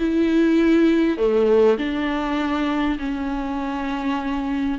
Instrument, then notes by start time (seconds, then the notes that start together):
viola
0.00 E4
1.18 A3
1.78 D4
2.99 C#4